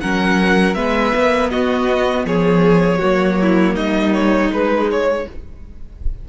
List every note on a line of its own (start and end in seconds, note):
0.00 0.75 F#3
0.00 0.75 C#4
0.00 0.76 A#4
0.00 0.74 F#5
0.74 1.12 G#3
0.74 3.00 B3
0.74 1.50 B4
0.74 1.49 E5
1.15 1.52 A#3
1.50 2.25 B3
1.50 2.25 F#4
1.50 2.25 D#5
2.25 3.00 F3
2.25 2.98 G#4
2.25 3.75 C#5
2.98 3.75 F#3
2.98 4.50 A#3
2.98 3.36 F#4
3.41 3.74 E4
3.74 4.50 G3
3.74 5.24 D#4
3.74 4.12 D#5
4.13 4.51 C#5
4.50 5.25 G#3
4.50 5.26 G#3
4.50 4.90 B4
4.91 5.28 C#5